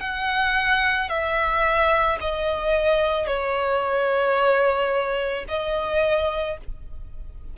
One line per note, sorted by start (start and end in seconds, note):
0.00 1.09 F#5
1.09 2.18 E5
2.20 3.27 D#5
3.27 5.45 C#5
5.48 6.57 D#5